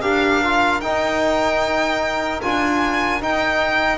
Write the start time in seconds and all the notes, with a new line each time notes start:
0.00 D4 G4 A#4 F5
0.42 F4
0.80 D#4 G5
2.42 D4 F4 G#5
3.21 D#4 G5